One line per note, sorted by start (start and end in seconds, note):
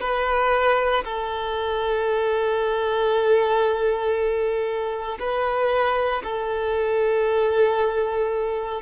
0.00 1.03 B4
1.04 5.18 A4
5.19 6.23 B4
6.23 8.82 A4